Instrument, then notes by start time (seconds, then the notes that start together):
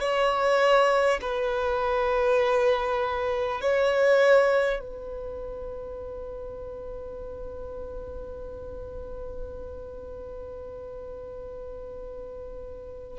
violin
0.00 C#5
1.21 B4
3.61 C#5
4.79 B4